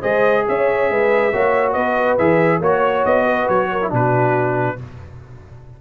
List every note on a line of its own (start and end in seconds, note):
0.00 0.46 G#3
0.00 1.31 G#4
0.00 0.43 C5
0.00 0.45 D#5
0.48 0.90 C#4
0.48 0.91 C#5
0.48 1.73 E5
0.90 1.33 G#3
0.90 1.32 B4
1.32 1.75 A#3
1.32 2.19 F#4
1.32 1.72 C#5
1.72 2.18 B3
1.72 2.58 B4
1.72 2.16 D#5
2.18 2.60 E3
2.18 2.62 G#4
2.18 2.61 E5
2.60 3.03 A#3
2.60 3.81 F#4
2.60 3.25 C#5
2.60 3.05 C#5
3.05 3.48 B3
3.05 3.48 D#5
3.25 3.68 B4
3.48 3.92 F#3
3.48 3.91 C#5
3.71 3.91 A#4
3.81 3.89 E4
3.89 4.78 B2
3.89 4.76 D4
3.89 4.77 F#4
3.89 4.81 B4